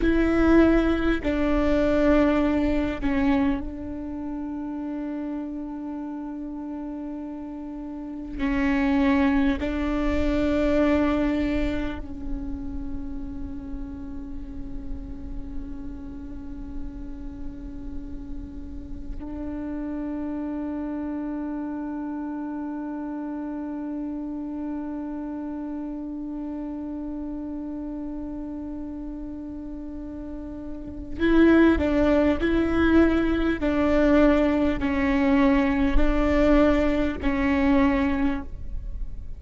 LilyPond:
\new Staff \with { instrumentName = "viola" } { \time 4/4 \tempo 4 = 50 e'4 d'4. cis'8 d'4~ | d'2. cis'4 | d'2 cis'2~ | cis'1 |
d'1~ | d'1~ | d'2 e'8 d'8 e'4 | d'4 cis'4 d'4 cis'4 | }